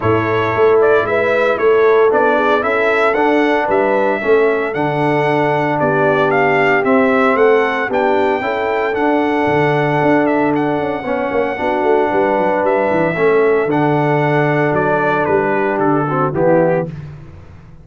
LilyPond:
<<
  \new Staff \with { instrumentName = "trumpet" } { \time 4/4 \tempo 4 = 114 cis''4. d''8 e''4 cis''4 | d''4 e''4 fis''4 e''4~ | e''4 fis''2 d''4 | f''4 e''4 fis''4 g''4~ |
g''4 fis''2~ fis''8 e''8 | fis''1 | e''2 fis''2 | d''4 b'4 a'4 g'4 | }
  \new Staff \with { instrumentName = "horn" } { \time 4/4 a'2 b'4 a'4~ | a'8 gis'8 a'2 b'4 | a'2. g'4~ | g'2 a'4 g'4 |
a'1~ | a'4 cis''4 fis'4 b'4~ | b'4 a'2.~ | a'4. g'4 fis'8 e'4 | }
  \new Staff \with { instrumentName = "trombone" } { \time 4/4 e'1 | d'4 e'4 d'2 | cis'4 d'2.~ | d'4 c'2 d'4 |
e'4 d'2.~ | d'4 cis'4 d'2~ | d'4 cis'4 d'2~ | d'2~ d'8 c'8 b4 | }
  \new Staff \with { instrumentName = "tuba" } { \time 4/4 a,4 a4 gis4 a4 | b4 cis'4 d'4 g4 | a4 d2 b4~ | b4 c'4 a4 b4 |
cis'4 d'4 d4 d'4~ | d'8 cis'8 b8 ais8 b8 a8 g8 fis8 | g8 e8 a4 d2 | fis4 g4 d4 e4 | }
>>